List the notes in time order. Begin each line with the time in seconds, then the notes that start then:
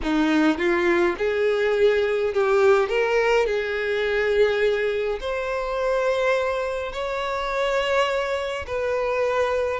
0.02 D#4
0.57 F4
1.18 G#4
2.33 G4
2.88 A#4
3.46 G#4
5.20 C5
6.92 C#5
8.66 B4